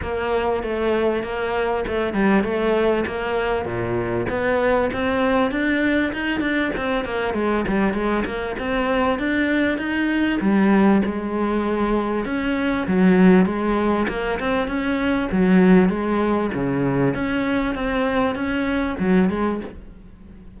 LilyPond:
\new Staff \with { instrumentName = "cello" } { \time 4/4 \tempo 4 = 98 ais4 a4 ais4 a8 g8 | a4 ais4 ais,4 b4 | c'4 d'4 dis'8 d'8 c'8 ais8 | gis8 g8 gis8 ais8 c'4 d'4 |
dis'4 g4 gis2 | cis'4 fis4 gis4 ais8 c'8 | cis'4 fis4 gis4 cis4 | cis'4 c'4 cis'4 fis8 gis8 | }